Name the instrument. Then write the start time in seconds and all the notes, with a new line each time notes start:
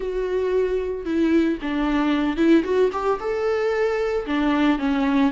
viola
0.00 F#4
1.05 E4
1.61 D4
2.36 E4
2.64 F#4
2.92 G4
3.20 A4
4.26 D4
4.78 C#4